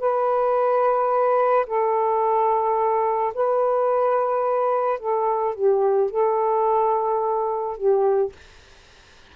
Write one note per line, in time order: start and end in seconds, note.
0.00 1.67 B4
1.67 3.33 A4
3.35 4.99 B4
4.99 5.55 A4
5.55 6.11 G4
6.11 7.77 A4
7.77 8.33 G4